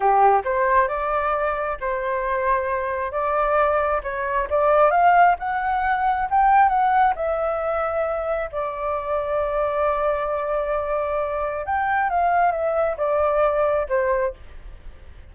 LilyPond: \new Staff \with { instrumentName = "flute" } { \time 4/4 \tempo 4 = 134 g'4 c''4 d''2 | c''2. d''4~ | d''4 cis''4 d''4 f''4 | fis''2 g''4 fis''4 |
e''2. d''4~ | d''1~ | d''2 g''4 f''4 | e''4 d''2 c''4 | }